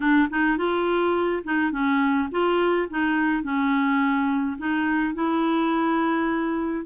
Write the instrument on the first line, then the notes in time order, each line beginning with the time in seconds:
clarinet
0.00 D4
0.30 D#4
0.57 F4
1.44 D#4
1.71 C#4
2.31 F4
2.90 D#4
3.43 C#4
4.57 D#4
5.14 E4